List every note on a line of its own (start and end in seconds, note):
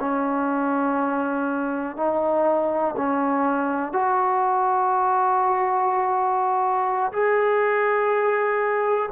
0.00 1.97 C#4
1.97 2.96 D#4
2.97 3.93 C#4
3.93 7.13 F#4
7.13 9.10 G#4